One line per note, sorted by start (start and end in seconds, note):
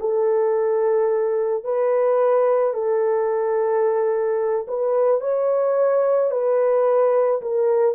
0.00 1.64 A4
1.64 2.74 B4
2.74 4.66 A4
4.68 5.21 B4
5.21 6.31 C#5
6.31 7.41 B4
7.42 7.95 A#4